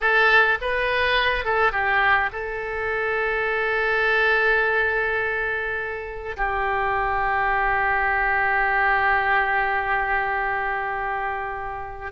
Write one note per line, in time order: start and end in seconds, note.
0.00 0.58 A4
0.61 1.44 B4
1.44 1.72 A4
1.72 2.29 G4
2.32 6.36 A4
6.36 12.12 G4